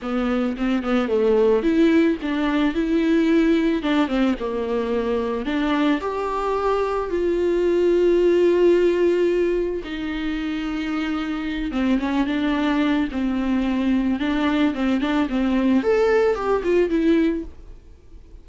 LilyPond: \new Staff \with { instrumentName = "viola" } { \time 4/4 \tempo 4 = 110 b4 c'8 b8 a4 e'4 | d'4 e'2 d'8 c'8 | ais2 d'4 g'4~ | g'4 f'2.~ |
f'2 dis'2~ | dis'4. c'8 cis'8 d'4. | c'2 d'4 c'8 d'8 | c'4 a'4 g'8 f'8 e'4 | }